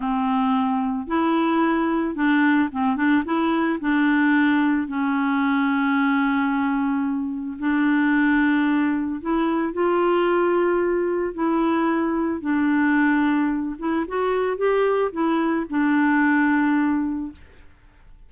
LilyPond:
\new Staff \with { instrumentName = "clarinet" } { \time 4/4 \tempo 4 = 111 c'2 e'2 | d'4 c'8 d'8 e'4 d'4~ | d'4 cis'2.~ | cis'2 d'2~ |
d'4 e'4 f'2~ | f'4 e'2 d'4~ | d'4. e'8 fis'4 g'4 | e'4 d'2. | }